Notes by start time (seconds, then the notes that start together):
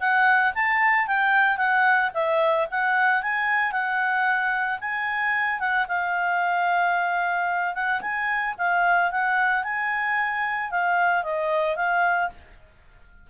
0.00 F#5
0.54 A5
1.07 G5
1.57 F#5
2.14 E5
2.71 F#5
3.22 G#5
3.72 F#5
4.80 G#5
5.60 F#5
5.88 F5
7.74 F#5
8.01 G#5
8.58 F5
9.11 F#5
9.64 G#5
10.71 F5
11.23 D#5
11.76 F5